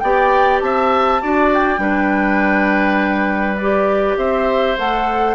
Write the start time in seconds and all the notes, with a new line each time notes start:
0.00 B3 G4 D5 G5
0.61 C4 E5 A5
1.22 D4 F#4 D5
1.53 G5
1.78 G3 D4 B4
3.57 G4 D5
4.17 C4 C5 E5
4.78 A3 A4 F#5